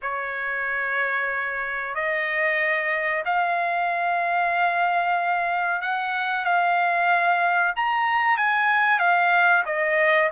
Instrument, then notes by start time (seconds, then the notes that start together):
trumpet
0.01 C#5
1.94 D#5
3.25 F5
5.81 F#5
6.44 F5
7.75 A#5
8.37 G#5
8.99 F5
9.65 D#5